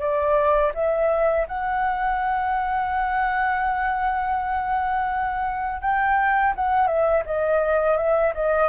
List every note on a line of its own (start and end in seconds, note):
0.00 0.72 D5
0.75 1.47 E5
1.48 5.81 F#5
5.81 6.54 G5
6.56 6.87 F#5
6.87 7.23 E5
7.26 7.97 D#5
7.97 8.34 E5
8.34 8.69 D#5